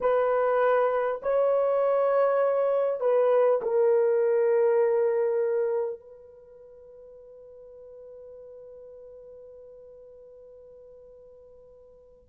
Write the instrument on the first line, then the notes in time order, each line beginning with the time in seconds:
horn
0.00 B4
1.22 C#5
3.00 B4
3.62 A#4
5.99 B4